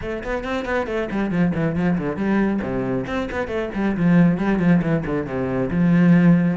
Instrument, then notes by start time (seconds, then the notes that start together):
cello
0.01 A3
0.23 B3
0.44 C4
0.65 B3
0.87 A3
1.11 G3
1.30 F3
1.54 E3
1.75 F3
1.98 D3
2.16 G3
2.62 C3
3.07 C4
3.31 B3
3.47 A3
3.74 G3
3.97 F3
4.38 G3
4.59 F3
4.82 E3
5.05 D3
5.26 C3
5.70 F3